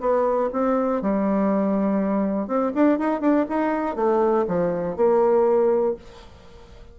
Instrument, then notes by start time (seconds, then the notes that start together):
bassoon
0.00 B3
0.53 C4
1.01 G3
2.47 C4
2.75 D4
2.98 D#4
3.20 D4
3.49 D#4
3.95 A3
4.47 F3
4.96 A#3